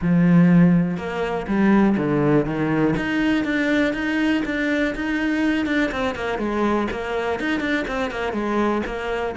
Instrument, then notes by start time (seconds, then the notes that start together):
cello
0.01 F3
0.97 A#3
1.47 G3
1.97 D3
2.45 D#3
2.96 D#4
3.44 D4
3.93 D#4
4.45 D4
4.95 D#4
5.66 D4
5.91 C4
6.15 A#3
6.38 G#3
6.91 A#3
7.39 D#4
7.60 D4
7.87 C4
8.10 A#3
8.32 G#3
8.85 A#3